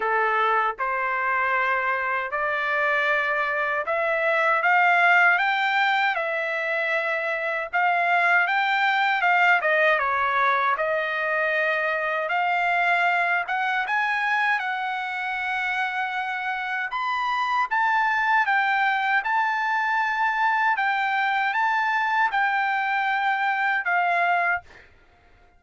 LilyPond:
\new Staff \with { instrumentName = "trumpet" } { \time 4/4 \tempo 4 = 78 a'4 c''2 d''4~ | d''4 e''4 f''4 g''4 | e''2 f''4 g''4 | f''8 dis''8 cis''4 dis''2 |
f''4. fis''8 gis''4 fis''4~ | fis''2 b''4 a''4 | g''4 a''2 g''4 | a''4 g''2 f''4 | }